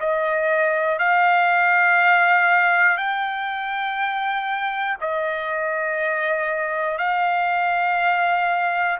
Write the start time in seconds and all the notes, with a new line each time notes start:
0.00 D#5
0.98 F5
2.97 G5
5.01 D#5
6.98 F5